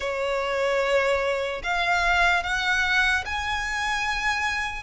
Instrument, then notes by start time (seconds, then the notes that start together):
violin
0.00 C#5
1.63 F5
2.43 F#5
3.25 G#5